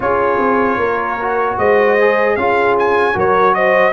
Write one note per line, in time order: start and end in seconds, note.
0.00 0.38 C#4
0.00 1.18 F4
0.00 0.78 G#4
0.00 1.58 C#5
0.38 0.77 C4
0.77 1.56 A#3
0.77 1.57 A#4
1.20 1.99 F#4
1.58 2.36 G#3
1.58 2.37 C5
1.58 2.36 D#5
1.99 2.38 G#4
2.36 3.15 C#4
2.36 3.13 F4
2.36 3.15 G#4
2.36 2.75 F5
2.78 3.18 G#5
3.13 3.92 F#3
3.13 3.92 F#4
3.13 3.54 A#4
3.13 3.54 C#5
3.54 3.92 C5
3.54 3.92 D#5